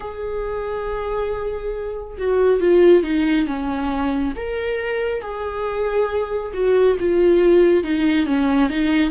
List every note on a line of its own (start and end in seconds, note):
0.00 2.17 G#4
2.18 2.60 F#4
2.60 3.03 F4
3.03 3.46 D#4
3.47 4.34 C#4
4.36 5.21 A#4
5.21 6.51 G#4
6.53 6.96 F#4
6.99 7.83 F4
7.83 8.26 D#4
8.26 8.69 C#4
8.69 9.10 D#4